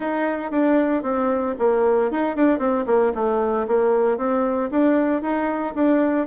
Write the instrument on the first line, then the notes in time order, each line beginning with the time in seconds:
bassoon
0.00 D#4
0.51 D4
1.02 C4
1.59 A#3
2.11 D#4
2.35 D4
2.58 C4
2.86 A#3
3.14 A3
3.67 A#3
4.17 C4
4.71 D4
5.22 D#4
5.75 D4